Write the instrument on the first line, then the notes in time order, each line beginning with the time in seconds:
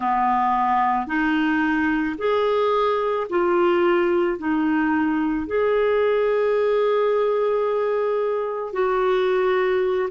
clarinet
0.00 B3
1.06 D#4
2.18 G#4
3.29 F4
4.38 D#4
5.46 G#4
8.72 F#4